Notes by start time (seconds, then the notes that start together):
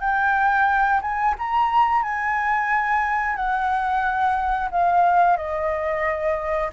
0.00 G5
1.01 G#5
1.38 A#5
2.02 G#5
3.35 F#5
4.71 F5
5.36 D#5